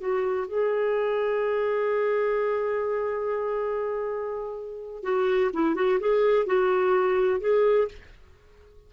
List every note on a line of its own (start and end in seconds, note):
0.00 0.48 F#4
0.48 5.04 G#4
5.04 5.52 F#4
5.54 5.76 E4
5.76 6.00 F#4
6.00 6.47 G#4
6.47 7.41 F#4
7.41 7.89 G#4